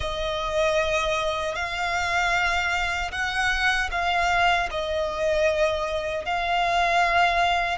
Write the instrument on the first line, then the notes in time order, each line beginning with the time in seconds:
violin
0.00 D#5
1.55 F5
3.11 F#5
3.91 F5
4.70 D#5
6.25 F5